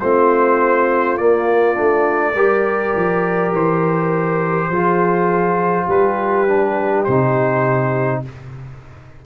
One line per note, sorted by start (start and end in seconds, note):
0.00 1.19 A3
0.00 1.18 C4
0.00 2.34 F4
0.00 1.18 C5
1.18 1.74 A#3
1.18 1.77 A#3
1.18 3.53 D5
1.74 2.35 A3
1.74 2.33 D4
2.34 2.94 G3
2.34 4.72 G4
2.34 4.69 A#4
2.96 3.53 F3
3.53 4.70 E3
3.53 5.89 C5
4.70 5.88 F3
4.70 6.48 F4
4.70 5.86 G#4
5.86 7.07 G3
5.86 8.21 G4
5.86 7.04 B4
6.48 7.07 D4
7.04 8.26 C3
7.04 8.25 D#4
7.04 8.22 C5